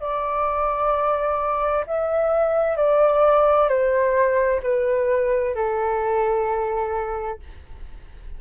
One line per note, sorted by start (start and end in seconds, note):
0.00 1.85 D5
1.86 2.77 E5
2.77 3.68 D5
3.68 4.60 C5
4.62 5.54 B4
5.54 7.39 A4